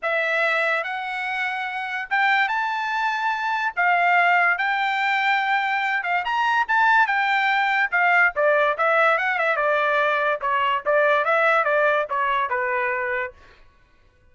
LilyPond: \new Staff \with { instrumentName = "trumpet" } { \time 4/4 \tempo 4 = 144 e''2 fis''2~ | fis''4 g''4 a''2~ | a''4 f''2 g''4~ | g''2~ g''8 f''8 ais''4 |
a''4 g''2 f''4 | d''4 e''4 fis''8 e''8 d''4~ | d''4 cis''4 d''4 e''4 | d''4 cis''4 b'2 | }